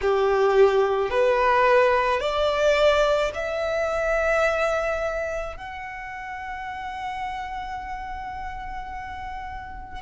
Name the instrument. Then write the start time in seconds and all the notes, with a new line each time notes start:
violin
0.01 G4
1.10 B4
2.20 D5
3.34 E5
5.57 F#5